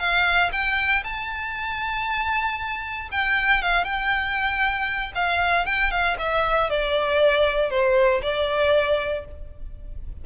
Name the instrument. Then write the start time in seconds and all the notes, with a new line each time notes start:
violin
0.00 F5
0.53 G5
1.04 A5
3.12 G5
3.63 F5
3.85 G5
5.15 F5
5.66 G5
5.92 F5
6.19 E5
6.70 D5
7.71 C5
8.23 D5